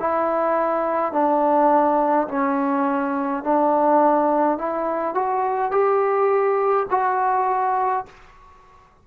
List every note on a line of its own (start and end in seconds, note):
0.00 1.13 E4
1.13 2.28 D4
2.28 3.44 C#4
3.44 4.58 D4
4.58 5.15 E4
5.15 5.72 F#4
5.72 6.87 G4
6.91 8.06 F#4